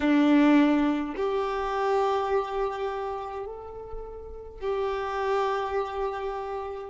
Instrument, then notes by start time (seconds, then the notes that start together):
violin
0.00 D4
1.15 G4
3.46 A4
4.60 G4